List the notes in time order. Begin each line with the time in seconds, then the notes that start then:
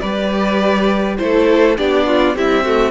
0.00 G3 G4 B4 D5
1.18 A3 E4 A4 C5
1.77 B3 D4 G4 D5
2.06 F4
2.35 G3 C4 E4 E5
2.64 A3 F#4